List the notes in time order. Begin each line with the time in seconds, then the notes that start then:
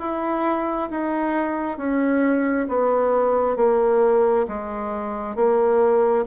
0.00 E4
0.91 D#4
1.78 C#4
2.69 B3
3.57 A#3
4.49 G#3
5.36 A#3